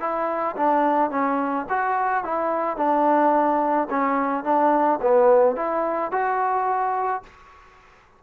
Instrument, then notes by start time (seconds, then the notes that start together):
trombone
0.00 E4
0.56 D4
1.10 C#4
1.69 F#4
2.24 E4
2.77 D4
3.90 C#4
4.44 D4
5.01 B3
5.56 E4
6.12 F#4